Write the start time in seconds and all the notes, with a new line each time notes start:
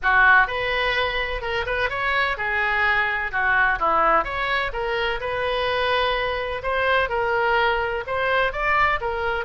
0.02 F#4
0.47 B4
1.41 A#4
1.66 B4
1.89 C#5
2.37 G#4
3.31 F#4
3.79 E4
4.24 C#5
4.72 A#4
5.20 B4
6.62 C5
7.09 A#4
8.07 C5
8.52 D5
9.00 A#4